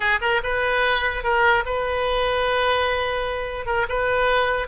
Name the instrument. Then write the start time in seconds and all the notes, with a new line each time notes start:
oboe
0.00 G#4
0.21 A#4
0.43 B4
1.23 A#4
1.65 B4
3.66 A#4
3.88 B4